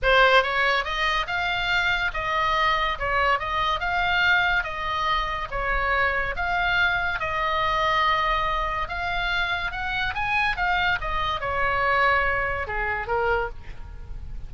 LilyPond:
\new Staff \with { instrumentName = "oboe" } { \time 4/4 \tempo 4 = 142 c''4 cis''4 dis''4 f''4~ | f''4 dis''2 cis''4 | dis''4 f''2 dis''4~ | dis''4 cis''2 f''4~ |
f''4 dis''2.~ | dis''4 f''2 fis''4 | gis''4 f''4 dis''4 cis''4~ | cis''2 gis'4 ais'4 | }